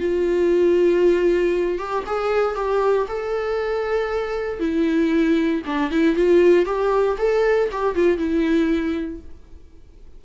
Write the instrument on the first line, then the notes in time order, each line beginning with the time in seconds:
viola
0.00 F4
1.79 G4
2.07 G#4
2.56 G4
3.08 A4
4.60 E4
5.66 D4
5.91 E4
6.16 F4
6.66 G4
7.18 A4
7.72 G4
7.96 F4
8.18 E4